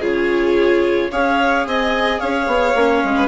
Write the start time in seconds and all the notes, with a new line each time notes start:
0.00 C#3 F4 G#4 C#5
1.12 C#4 G#4 C#5 F5
1.66 C4 D#5 G#5
2.19 C#4 C#5 F5
2.47 B3
2.75 A#3 C#4
3.04 G#3
3.16 B4